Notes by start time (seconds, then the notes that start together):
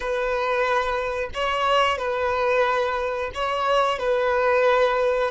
0.00 B4
1.34 C#5
1.98 B4
3.34 C#5
3.98 B4